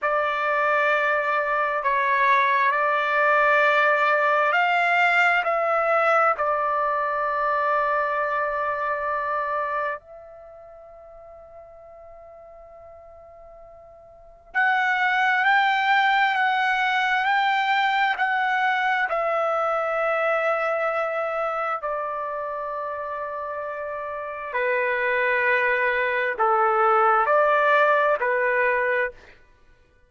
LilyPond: \new Staff \with { instrumentName = "trumpet" } { \time 4/4 \tempo 4 = 66 d''2 cis''4 d''4~ | d''4 f''4 e''4 d''4~ | d''2. e''4~ | e''1 |
fis''4 g''4 fis''4 g''4 | fis''4 e''2. | d''2. b'4~ | b'4 a'4 d''4 b'4 | }